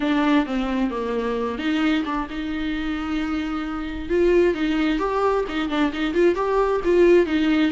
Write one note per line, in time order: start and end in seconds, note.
0.00 0.45 D4
0.45 0.90 C4
0.90 1.58 A#3
1.58 2.04 D#4
2.05 2.27 D4
2.30 4.09 D#4
4.09 4.54 F4
4.54 4.99 D#4
4.99 5.44 G4
5.48 5.69 D#4
5.69 5.92 D4
5.92 6.14 D#4
6.14 6.35 F4
6.35 6.80 G4
6.84 7.26 F4
7.26 7.71 D#4